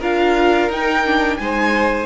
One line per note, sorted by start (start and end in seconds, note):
0.00 0.70 D4
0.00 0.71 F4
0.00 1.38 A#4
0.00 0.72 F5
0.70 1.39 D#4
0.70 1.05 D#4
0.70 1.38 G5
1.06 1.41 D4
1.38 2.06 G#3
1.38 2.06 D#4
1.38 2.06 C5
1.38 2.06 G#5